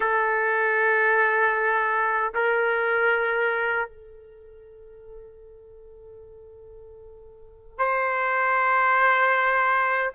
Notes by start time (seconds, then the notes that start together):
0.00 A4
2.34 A#4
3.88 A4
7.78 C5